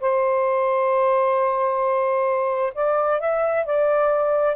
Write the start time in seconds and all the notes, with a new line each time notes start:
0.00 C5
2.74 D5
3.20 E5
3.65 D5